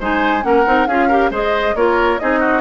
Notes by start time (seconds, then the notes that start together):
0.00 G#3 D#4 C5 G#5
0.42 A#3 C#4 A#4 F#5
0.66 C4 D#4
0.87 C#4 F4 G#4 F5
1.08 G4 A#4
1.30 G#3 G#4 C5 D#5
1.75 A#3 F4 A#4 C#5
2.19 C4 D#4 G#4 D#5
2.40 F#4